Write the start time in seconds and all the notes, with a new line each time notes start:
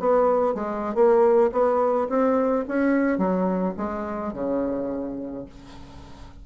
0.00 B3
0.55 G#3
0.95 A#3
1.52 B3
2.10 C4
2.69 C#4
3.18 F#3
3.78 G#3
4.34 C#3